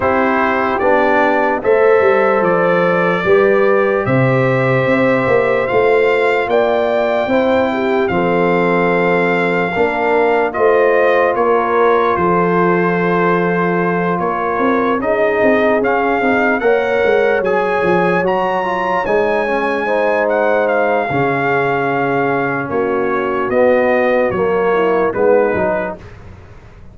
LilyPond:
<<
  \new Staff \with { instrumentName = "trumpet" } { \time 4/4 \tempo 4 = 74 c''4 d''4 e''4 d''4~ | d''4 e''2 f''4 | g''2 f''2~ | f''4 dis''4 cis''4 c''4~ |
c''4. cis''4 dis''4 f''8~ | f''8 fis''4 gis''4 ais''4 gis''8~ | gis''4 fis''8 f''2~ f''8 | cis''4 dis''4 cis''4 b'4 | }
  \new Staff \with { instrumentName = "horn" } { \time 4/4 g'2 c''2 | b'4 c''2. | d''4 c''8 g'8 a'2 | ais'4 c''4 ais'4 a'4~ |
a'4. ais'4 gis'4.~ | gis'8 cis''2.~ cis''8~ | cis''8 c''4. gis'2 | fis'2~ fis'8 e'8 dis'4 | }
  \new Staff \with { instrumentName = "trombone" } { \time 4/4 e'4 d'4 a'2 | g'2. f'4~ | f'4 e'4 c'2 | d'4 f'2.~ |
f'2~ f'8 dis'4 cis'8 | dis'8 ais'4 gis'4 fis'8 f'8 dis'8 | cis'8 dis'4. cis'2~ | cis'4 b4 ais4 b8 dis'8 | }
  \new Staff \with { instrumentName = "tuba" } { \time 4/4 c'4 b4 a8 g8 f4 | g4 c4 c'8 ais8 a4 | ais4 c'4 f2 | ais4 a4 ais4 f4~ |
f4. ais8 c'8 cis'8 c'8 cis'8 | c'8 ais8 gis8 fis8 f8 fis4 gis8~ | gis2 cis2 | ais4 b4 fis4 gis8 fis8 | }
>>